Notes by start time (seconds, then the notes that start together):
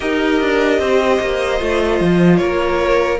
0.00 D#4 G4 A#4 D#5
0.41 D4
0.79 C4 C5
1.20 A#3
1.59 A3 F4
2.00 F3
2.37 A#3 A#4 C#5